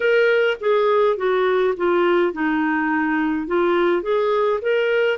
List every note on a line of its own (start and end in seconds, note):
0.00 0.57 A#4
0.60 1.16 G#4
1.16 1.74 F#4
1.76 2.32 F4
2.32 3.47 D#4
3.47 4.02 F4
4.02 4.59 G#4
4.62 5.18 A#4